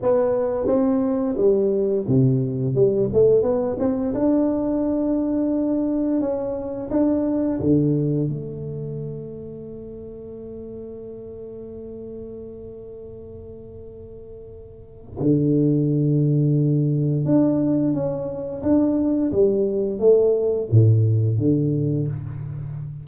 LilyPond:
\new Staff \with { instrumentName = "tuba" } { \time 4/4 \tempo 4 = 87 b4 c'4 g4 c4 | g8 a8 b8 c'8 d'2~ | d'4 cis'4 d'4 d4 | a1~ |
a1~ | a2 d2~ | d4 d'4 cis'4 d'4 | g4 a4 a,4 d4 | }